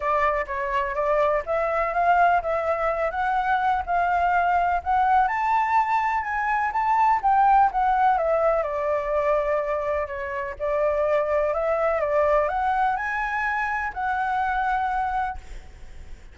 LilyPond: \new Staff \with { instrumentName = "flute" } { \time 4/4 \tempo 4 = 125 d''4 cis''4 d''4 e''4 | f''4 e''4. fis''4. | f''2 fis''4 a''4~ | a''4 gis''4 a''4 g''4 |
fis''4 e''4 d''2~ | d''4 cis''4 d''2 | e''4 d''4 fis''4 gis''4~ | gis''4 fis''2. | }